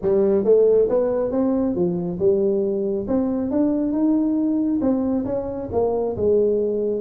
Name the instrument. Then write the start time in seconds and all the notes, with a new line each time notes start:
tuba
0.02 G3
0.44 A3
0.89 B3
1.31 C4
1.75 F3
2.19 G3
3.07 C4
3.50 D4
3.92 D#4
4.81 C4
5.25 C#4
5.72 A#3
6.16 G#3